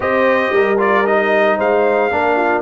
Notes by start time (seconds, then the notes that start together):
0.00 C4 G4 C5 D#5
0.51 G3 A#4
0.78 F4 D5
1.05 D#4 D#5
1.57 G#3 C5 F5
2.11 A#3 D4 A#4
2.36 F4